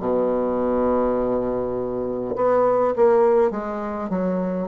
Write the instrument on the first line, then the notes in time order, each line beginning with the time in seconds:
bassoon
0.00 B2
2.36 B3
2.96 A#3
3.51 G#3
4.10 F#3